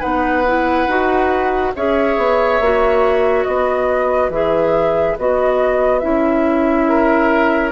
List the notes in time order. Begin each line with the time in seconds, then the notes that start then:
0.00 B3 D#4 B4 F#5
0.47 E4
0.87 D#4 F#4
1.76 C#4 G#4 C#5 E5
2.17 B3
2.60 A#3 F#4
3.44 B3 B4 D#5
4.29 E3 G#4 E5
5.18 B3 F#4 D#5
5.99 C#4 E4 E5
6.88 A#4